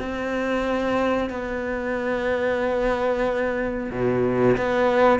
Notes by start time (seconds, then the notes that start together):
0.00 C4
1.30 B3
3.92 B2
4.57 B3